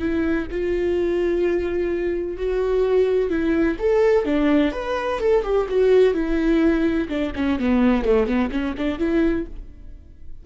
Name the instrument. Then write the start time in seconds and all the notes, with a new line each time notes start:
viola
0.00 E4
0.52 F4
2.38 F#4
3.30 E4
3.79 A4
4.26 D4
4.72 B4
5.20 A4
5.44 G4
5.70 F#4
6.14 E4
7.09 D4
7.36 C#4
7.60 B3
8.05 A3
8.27 B3
8.51 C#4
8.78 D4
8.99 E4